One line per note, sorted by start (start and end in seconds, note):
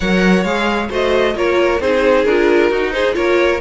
0.00 0.44 F#3
0.00 0.46 A#4
0.00 0.89 C#5
0.00 0.44 F#5
0.44 0.89 G#3
0.44 0.90 G#4
0.44 0.89 F5
0.89 1.34 A3
0.89 1.34 F#4
0.89 1.34 C5
0.89 1.36 D#5
1.34 1.79 A#3
1.34 1.79 F4
1.34 1.81 A#4
1.34 1.80 C#5
1.80 2.25 C4
1.80 2.26 D#4
1.80 2.70 G#4
1.80 2.24 C5
2.24 2.70 D4
2.24 2.72 F4
2.24 2.92 A#4
2.70 3.15 D#4
2.70 3.12 D#4
2.70 2.93 F#4
2.92 3.16 G#4
2.92 3.14 C5
3.12 3.60 A#3
3.12 3.57 F4
3.12 3.60 A#4
3.12 3.60 C#5